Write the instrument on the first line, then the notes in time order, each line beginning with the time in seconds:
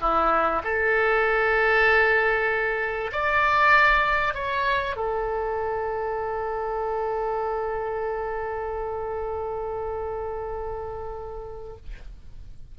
oboe
0.00 E4
0.63 A4
3.12 D5
4.34 C#5
4.96 A4